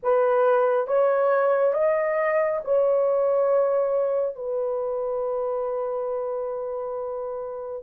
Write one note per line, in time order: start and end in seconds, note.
0.02 0.87 B4
0.87 1.73 C#5
1.73 2.60 D#5
2.64 4.35 C#5
4.35 7.83 B4